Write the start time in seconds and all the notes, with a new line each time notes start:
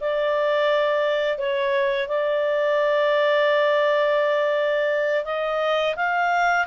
0.00 D5
1.37 C#5
2.08 D5
5.24 D#5
5.96 F5